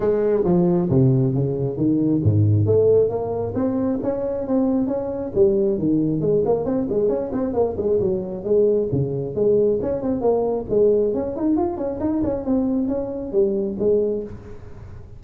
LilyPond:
\new Staff \with { instrumentName = "tuba" } { \time 4/4 \tempo 4 = 135 gis4 f4 c4 cis4 | dis4 gis,4 a4 ais4 | c'4 cis'4 c'4 cis'4 | g4 dis4 gis8 ais8 c'8 gis8 |
cis'8 c'8 ais8 gis8 fis4 gis4 | cis4 gis4 cis'8 c'8 ais4 | gis4 cis'8 dis'8 f'8 cis'8 dis'8 cis'8 | c'4 cis'4 g4 gis4 | }